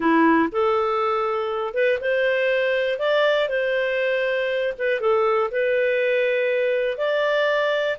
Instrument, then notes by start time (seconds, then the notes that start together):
clarinet
0.00 E4
0.52 A4
1.74 B4
2.00 C5
2.99 D5
3.48 C5
4.78 B4
5.00 A4
5.51 B4
6.97 D5